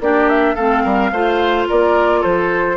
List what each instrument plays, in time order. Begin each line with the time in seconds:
0.00 bassoon A#3, clarinet D4, oboe G4, flute D5
0.29 flute E5
0.55 bassoon A3, clarinet C4, oboe A4, flute F5
0.83 bassoon G3, oboe A#4
1.12 bassoon A3, clarinet F4, oboe C5
1.68 bassoon A#3, oboe A#4, flute D5
2.20 bassoon F3, oboe A4, flute C5